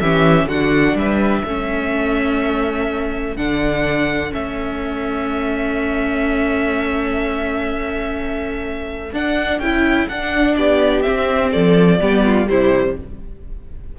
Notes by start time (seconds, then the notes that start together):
0.00 E3 C#4 G4 E5
0.46 D3 D4 F#4 F#5
0.95 G3 B4 E5
1.45 A3 C#4 A4
3.36 D3 D4 F#5
4.30 A3 C#4 E5
9.12 D4 F#5
9.59 C#4 E4 G5
10.08 D4 F#5
10.55 B3 G4 D5
11.02 C4 E5
11.52 F3 A4 D5
12.00 G3 B3 G4
12.26 F4
12.47 C3 G3 E4 C5